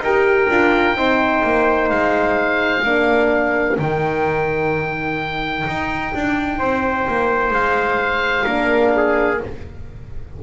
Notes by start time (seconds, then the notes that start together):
0.00 D#4 G4 A#4 G5
0.49 D4 F4
0.95 C4 D#4 C5
1.44 A#3
1.90 G#3 F5
2.84 A#3 D4 A#4
3.78 D#3 D#4 G5
5.67 D#4
6.14 D4
6.59 C4 C5
7.08 A#3
7.51 G#3 F5
8.44 A#3 D4 A#4
8.97 G#4